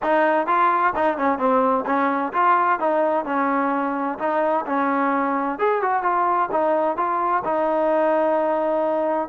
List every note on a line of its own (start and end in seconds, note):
0.02 0.46 D#4
0.46 0.93 F4
0.95 1.17 D#4
1.17 1.38 C#4
1.38 1.85 C4
1.85 2.32 C#4
2.33 2.79 F4
2.79 3.25 D#4
3.25 4.18 C#4
4.18 4.65 D#4
4.66 5.59 C#4
5.59 5.82 G#4
5.82 6.02 F#4
6.02 6.49 F4
6.51 6.96 D#4
6.96 7.43 F4
7.44 9.28 D#4